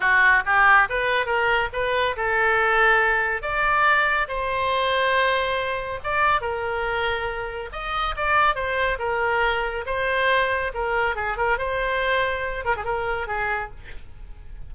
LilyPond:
\new Staff \with { instrumentName = "oboe" } { \time 4/4 \tempo 4 = 140 fis'4 g'4 b'4 ais'4 | b'4 a'2. | d''2 c''2~ | c''2 d''4 ais'4~ |
ais'2 dis''4 d''4 | c''4 ais'2 c''4~ | c''4 ais'4 gis'8 ais'8 c''4~ | c''4. ais'16 gis'16 ais'4 gis'4 | }